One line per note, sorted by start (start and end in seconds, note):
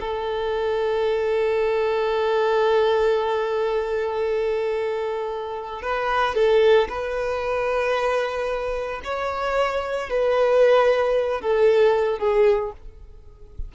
0.00 5.82 A4
5.82 6.35 B4
6.35 6.88 A4
6.89 9.01 B4
9.04 10.09 C#5
10.09 11.41 B4
11.41 12.19 A4
12.19 12.72 G#4